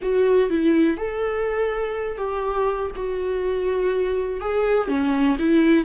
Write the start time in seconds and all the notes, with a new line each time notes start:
0.01 F#4
0.49 E4
0.97 A4
2.17 G4
2.95 F#4
4.40 G#4
4.88 C#4
5.38 E4